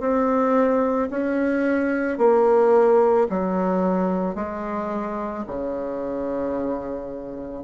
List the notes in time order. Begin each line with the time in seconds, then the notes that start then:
0.00 C4
1.11 C#4
2.18 A#3
3.30 F#3
4.35 G#3
5.47 C#3